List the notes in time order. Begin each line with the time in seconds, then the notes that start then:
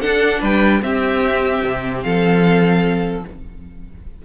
0.00 D4 A4 F#5
0.41 G3 B4 G5
0.82 C4 G4 E5
1.65 C3
2.02 F3 A4 F5